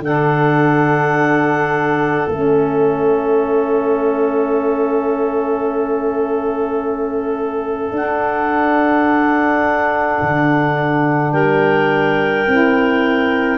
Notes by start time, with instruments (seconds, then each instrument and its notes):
0.00 tuba D3, saxophone D4, clarinet A4 F#5
2.28 tuba A3, saxophone C#4, clarinet E5
7.92 tuba D4, saxophone D4, clarinet F#5
10.22 tuba D3
11.32 tuba G3, clarinet A#4 G5
12.47 tuba C4, saxophone E4